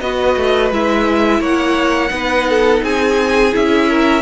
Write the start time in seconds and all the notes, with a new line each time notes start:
0.00 B3 F#4 B4 D#5
0.36 A3
0.71 G#3 E4 E5
1.39 A#3 C#5 F#5
2.09 B3 D#4 B4
2.49 A4
2.82 C4 G#4 G#5
3.52 C#4 E4 E5
3.89 A#4